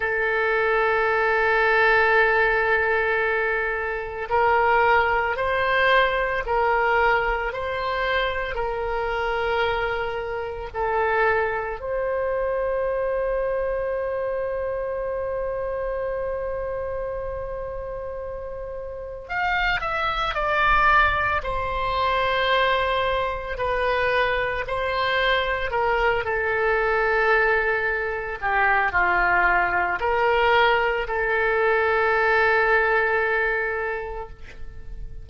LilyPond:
\new Staff \with { instrumentName = "oboe" } { \time 4/4 \tempo 4 = 56 a'1 | ais'4 c''4 ais'4 c''4 | ais'2 a'4 c''4~ | c''1~ |
c''2 f''8 e''8 d''4 | c''2 b'4 c''4 | ais'8 a'2 g'8 f'4 | ais'4 a'2. | }